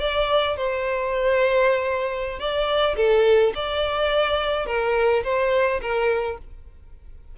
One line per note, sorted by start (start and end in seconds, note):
0.00 0.57 D5
0.57 2.39 C5
2.39 2.96 D5
2.96 3.53 A4
3.55 4.66 D5
4.66 5.23 A#4
5.24 5.81 C5
5.81 6.38 A#4